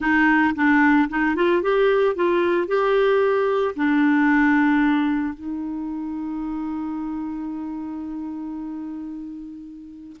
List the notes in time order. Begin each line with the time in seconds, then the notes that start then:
0.00 D#4
0.55 D4
1.09 D#4
1.35 F4
1.62 G4
2.15 F4
2.67 G4
3.76 D4
5.34 D#4